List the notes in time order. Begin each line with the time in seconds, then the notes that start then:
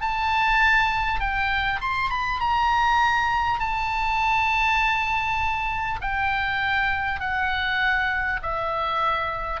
0.00 A5
1.19 G5
1.80 C6
2.09 B5
2.40 A#5
3.59 A5
6.01 G5
7.19 F#5
8.42 E5